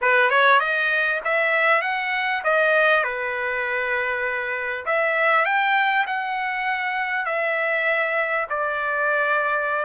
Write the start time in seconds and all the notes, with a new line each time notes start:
0.01 B4
0.29 C#5
0.60 D#5
1.24 E5
1.81 F#5
2.44 D#5
3.03 B4
4.85 E5
5.45 G5
6.06 F#5
7.25 E5
8.49 D5